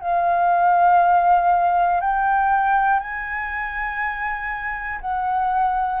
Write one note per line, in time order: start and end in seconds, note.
0.00 2.00 F5
2.00 3.00 G5
3.00 5.00 G#5
5.00 6.00 F#5